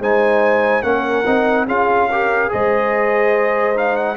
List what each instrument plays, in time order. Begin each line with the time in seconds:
0.00 tuba G#3, trombone D#4, horn C5, trumpet G#5
0.83 tuba A#3, trombone C#4, horn A#4, trumpet F#5
1.26 tuba C4, trombone D#4
1.67 tuba C#4, trombone F4, horn G#4, trumpet F5
2.10 trombone G4, horn A#4
2.49 tuba G#3, trombone G#4, horn C5, trumpet D#5
3.75 trombone D#4, trumpet F5
3.97 trumpet F#5